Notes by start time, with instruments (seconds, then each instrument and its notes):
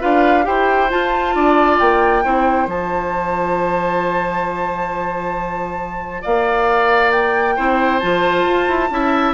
0.00 bassoon D4, clarinet F4, oboe B4, flute F5
0.43 bassoon E4, clarinet G4, oboe C5, flute G5
0.89 clarinet F4, bassoon F4, flute A5
1.35 bassoon D4, oboe D5
1.79 bassoon A#3, flute G5
2.24 bassoon C4, clarinet E4, oboe C5
2.67 bassoon F3, clarinet F4, flute A5
6.21 bassoon A#3, oboe D5, flute F5
7.11 flute G5
7.56 bassoon C4, clarinet E4, oboe C5
7.99 bassoon F3, clarinet F4, flute A5
8.44 bassoon F4
8.67 bassoon E4
8.90 bassoon C#4, clarinet E4, oboe E5